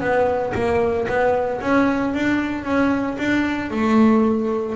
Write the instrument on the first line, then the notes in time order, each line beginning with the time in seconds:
double bass
0.00 B3
0.54 A#3
1.08 B3
1.61 C#4
2.14 D4
2.64 C#4
3.18 D4
3.70 A3